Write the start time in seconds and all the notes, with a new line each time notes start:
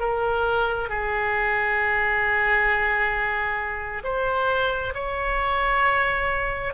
0.00 A#4
0.89 G#4
4.04 C5
4.94 C#5